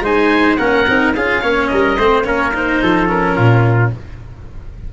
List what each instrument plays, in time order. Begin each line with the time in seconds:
0.00 tuba G#3, cello D#4, trumpet C5, oboe G#5
0.56 tuba A#3, cello C#4, trumpet A#4, oboe F#5
0.88 tuba C4, cello D#4
1.15 tuba C#4, cello F4, trumpet G#4, oboe F5
1.42 tuba A#3, cello C#4, trumpet C#5
1.67 tuba G3, trumpet A#4, oboe D#5
1.98 tuba A3, cello C4, trumpet C5
2.24 tuba A#3, cello C#4, trumpet A#4, oboe C#5
2.54 cello D#4, oboe C5
2.82 tuba F3, trumpet A4
3.07 cello C#4, oboe A#4
3.36 tuba A#2, trumpet F4